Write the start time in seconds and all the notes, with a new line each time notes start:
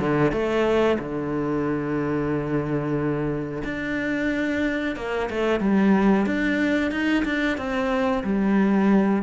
0.00 D3
0.32 A3
0.99 D3
3.64 D4
4.96 A#3
5.30 A3
5.60 G3
6.26 D4
6.91 D#4
7.25 D4
7.58 C4
8.24 G3